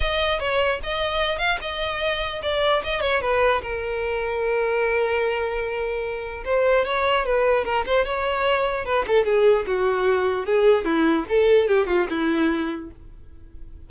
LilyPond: \new Staff \with { instrumentName = "violin" } { \time 4/4 \tempo 4 = 149 dis''4 cis''4 dis''4. f''8 | dis''2 d''4 dis''8 cis''8 | b'4 ais'2.~ | ais'1 |
c''4 cis''4 b'4 ais'8 c''8 | cis''2 b'8 a'8 gis'4 | fis'2 gis'4 e'4 | a'4 g'8 f'8 e'2 | }